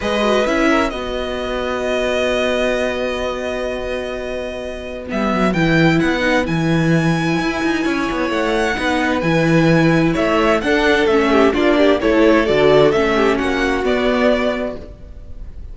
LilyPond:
<<
  \new Staff \with { instrumentName = "violin" } { \time 4/4 \tempo 4 = 130 dis''4 e''4 dis''2~ | dis''1~ | dis''2. e''4 | g''4 fis''4 gis''2~ |
gis''2 fis''2 | gis''2 e''4 fis''4 | e''4 d''4 cis''4 d''4 | e''4 fis''4 d''2 | }
  \new Staff \with { instrumentName = "violin" } { \time 4/4 b'4. ais'8 b'2~ | b'1~ | b'1~ | b'1~ |
b'4 cis''2 b'4~ | b'2 cis''4 a'4~ | a'8 g'8 f'8 g'8 a'2~ | a'8 g'8 fis'2. | }
  \new Staff \with { instrumentName = "viola" } { \time 4/4 gis'8 fis'8 e'4 fis'2~ | fis'1~ | fis'2. b4 | e'4. dis'8 e'2~ |
e'2. dis'4 | e'2. d'4 | cis'4 d'4 e'4 fis'4 | cis'2 b2 | }
  \new Staff \with { instrumentName = "cello" } { \time 4/4 gis4 cis'4 b2~ | b1~ | b2. g8 fis8 | e4 b4 e2 |
e'8 dis'8 cis'8 b8 a4 b4 | e2 a4 d'4 | a4 ais4 a4 d4 | a4 ais4 b2 | }
>>